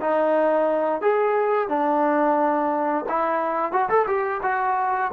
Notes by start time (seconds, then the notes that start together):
0.00 D#4
1.01 G#4
1.68 D4
3.09 E4
3.72 F#4
3.89 A4
4.07 G4
4.42 F#4